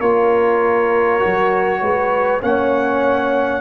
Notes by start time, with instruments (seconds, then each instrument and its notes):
0.00 tuba A#3, trombone F4, horn A#4, trumpet C#5
1.19 trombone F#4
1.26 tuba F#3
1.81 tuba G#3, horn B4
2.41 tuba A#3, trombone C#4, horn C#5, trumpet F#5